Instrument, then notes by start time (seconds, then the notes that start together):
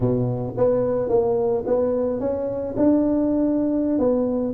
tuba
0.00 B2
0.57 B3
1.09 A#3
1.66 B3
2.19 C#4
2.76 D4
3.98 B3